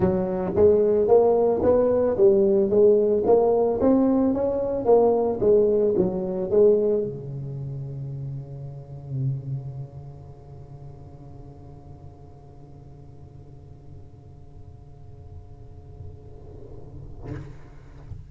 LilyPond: \new Staff \with { instrumentName = "tuba" } { \time 4/4 \tempo 4 = 111 fis4 gis4 ais4 b4 | g4 gis4 ais4 c'4 | cis'4 ais4 gis4 fis4 | gis4 cis2.~ |
cis1~ | cis1~ | cis1~ | cis1 | }